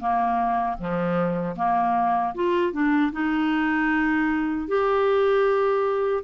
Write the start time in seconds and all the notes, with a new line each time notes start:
0.00 A#3
0.78 F3
1.57 A#3
2.35 F4
2.73 D4
3.12 D#4
4.68 G4